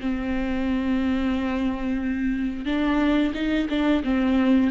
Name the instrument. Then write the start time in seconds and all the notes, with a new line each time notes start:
viola
0.00 C4
2.65 D4
3.34 D#4
3.69 D4
4.04 C4